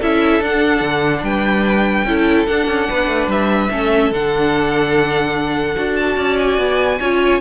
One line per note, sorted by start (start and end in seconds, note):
0.00 0.41 C#4
0.00 0.43 E4
0.00 1.23 A4
0.00 0.44 E5
0.41 0.81 D4
0.41 2.07 D4
0.41 1.24 F#5
0.81 1.22 D3
1.22 2.04 G3
1.22 2.06 B4
1.22 2.47 G5
2.04 2.46 C#4
2.04 2.47 E4
2.04 2.90 A4
2.47 3.70 D4
2.47 2.67 D4
2.47 3.29 F#5
2.67 2.87 C#4
2.90 3.07 B3
2.90 3.71 B4
3.07 3.27 A3
3.27 3.69 G3
3.27 4.13 E5
3.71 4.11 A3
3.71 4.12 C#4
3.71 6.16 A4
4.11 5.76 D3
4.11 5.76 D4
4.11 5.96 F#5
5.76 6.17 D4
5.76 7.00 F#4
5.96 6.37 A5
6.16 6.58 C#4
6.16 6.98 D5
6.39 7.41 G#5
6.58 6.99 B3
7.00 7.41 C#4
7.00 7.41 F4
7.00 7.41 C#5